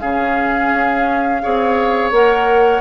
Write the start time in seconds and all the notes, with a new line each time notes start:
0.00 C#3 C#4 G#4 F5
0.72 C#4
1.42 C4 G#4 C#5
2.12 A#3 A#4 F#5